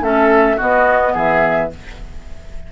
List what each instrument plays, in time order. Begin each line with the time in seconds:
0.00 bassoon A3, clarinet C#4, oboe A4, flute E5
0.56 clarinet B3, bassoon B3, oboe F#4, flute D#5
1.13 bassoon E3, oboe G#4, flute E5